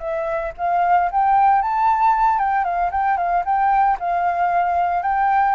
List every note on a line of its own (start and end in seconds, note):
0.00 0.53 E5
0.58 1.11 F5
1.12 1.62 G5
1.62 2.39 A5
2.39 2.65 G5
2.65 2.91 F5
2.92 3.18 G5
3.18 3.44 F5
3.45 3.98 G5
4.00 5.03 F5
5.03 5.56 G5